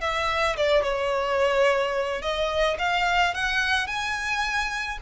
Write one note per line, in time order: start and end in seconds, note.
0.00 0.56 E5
0.56 0.83 D5
0.83 2.21 C#5
2.21 2.77 D#5
2.78 3.34 F5
3.34 3.87 F#5
3.87 4.98 G#5